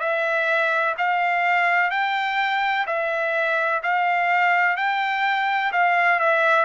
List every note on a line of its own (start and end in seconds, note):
0.00 0.95 E5
0.98 1.90 F5
1.90 2.86 G5
2.87 3.82 E5
3.83 4.77 F5
4.77 5.72 G5
5.72 6.19 F5
6.19 6.65 E5